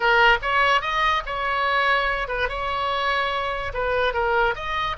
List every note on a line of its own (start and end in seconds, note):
0.00 0.38 A#4
0.42 0.81 C#5
0.81 1.22 D#5
1.25 2.28 C#5
2.28 2.48 B4
2.48 3.73 C#5
3.73 4.13 B4
4.13 4.54 A#4
4.55 4.96 D#5